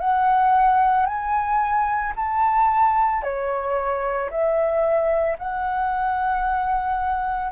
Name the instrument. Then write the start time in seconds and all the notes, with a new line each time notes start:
flute
0.00 F#5
1.06 G#5
2.16 A5
3.22 C#5
4.30 E5
5.38 F#5